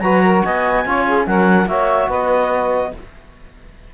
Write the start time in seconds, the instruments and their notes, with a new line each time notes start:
0.00 cello F#3, trombone F#4, saxophone B4, clarinet A#5
0.24 saxophone A#4
0.44 cello B3, saxophone D#5, clarinet G#5
0.85 cello C#4, trombone F4, saxophone C#5
1.06 saxophone G#4
1.27 cello F#3, trombone C#4, saxophone A#4, clarinet F#5
1.66 cello A#3, trombone F#4, saxophone C#5, clarinet E5
2.08 cello B3, saxophone B4, clarinet D#5